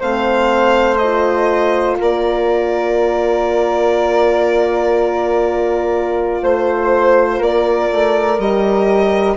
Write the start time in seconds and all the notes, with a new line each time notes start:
0.00 A3 C4 C5 F5
0.97 F4 D#5
1.99 A#3 A#4 D5
6.42 A3 C5
7.39 A#3 A#4 D5
7.91 A3
8.38 G3 G4 D#5